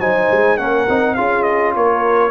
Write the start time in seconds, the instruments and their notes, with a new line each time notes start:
0.00 tuba F#3, trombone D#4, horn C5, trumpet G#5
0.32 tuba G#3
0.57 tuba A#3, trombone C#4, horn A#4, trumpet F#5
0.89 tuba C4, trombone D#4
1.15 tuba C#4, trombone F4, horn G#4, trumpet F5
1.43 trumpet D#5
1.76 tuba A#3, horn A#4, trumpet C#5